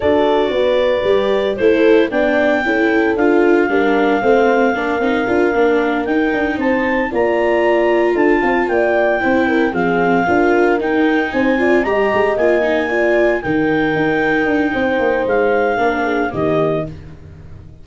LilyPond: <<
  \new Staff \with { instrumentName = "clarinet" } { \time 4/4 \tempo 4 = 114 d''2. c''4 | g''2 f''2~ | f''2.~ f''8 g''8~ | g''8 a''4 ais''2 a''8~ |
a''8 g''2 f''4.~ | f''8 g''4 gis''4 ais''4 gis''8~ | gis''4. g''2~ g''8~ | g''4 f''2 dis''4 | }
  \new Staff \with { instrumentName = "horn" } { \time 4/4 a'4 b'2 a'4 | d''4 a'2 ais'4 | c''4 ais'2.~ | ais'8 c''4 d''2 a'8 |
f''8 d''4 c''8 ais'8 gis'4 ais'8~ | ais'4. c''8 d''8 dis''4.~ | dis''8 d''4 ais'2~ ais'8 | c''2 ais'8 gis'8 g'4 | }
  \new Staff \with { instrumentName = "viola" } { \time 4/4 fis'2 g'4 e'4 | d'4 e'4 f'4 d'4 | c'4 d'8 dis'8 f'8 d'4 dis'8~ | dis'4. f'2~ f'8~ |
f'4. e'4 c'4 f'8~ | f'8 dis'4. f'8 g'4 f'8 | dis'8 f'4 dis'2~ dis'8~ | dis'2 d'4 ais4 | }
  \new Staff \with { instrumentName = "tuba" } { \time 4/4 d'4 b4 g4 a4 | b4 cis'4 d'4 g4 | a4 ais8 c'8 d'8 ais4 dis'8 | d'8 c'4 ais2 d'8 |
c'8 ais4 c'4 f4 d'8~ | d'8 dis'4 c'4 g8 gis8 ais8~ | ais4. dis4 dis'4 d'8 | c'8 ais8 gis4 ais4 dis4 | }
>>